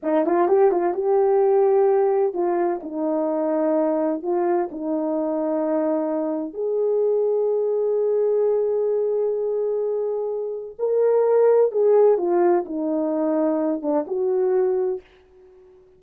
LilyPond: \new Staff \with { instrumentName = "horn" } { \time 4/4 \tempo 4 = 128 dis'8 f'8 g'8 f'8 g'2~ | g'4 f'4 dis'2~ | dis'4 f'4 dis'2~ | dis'2 gis'2~ |
gis'1~ | gis'2. ais'4~ | ais'4 gis'4 f'4 dis'4~ | dis'4. d'8 fis'2 | }